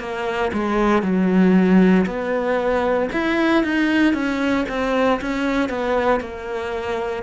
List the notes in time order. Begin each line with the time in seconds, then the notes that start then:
0.00 A#3
0.53 G#3
1.03 F#3
2.06 B3
3.13 E4
3.64 D#4
4.14 C#4
4.69 C4
5.22 C#4
5.70 B3
6.21 A#3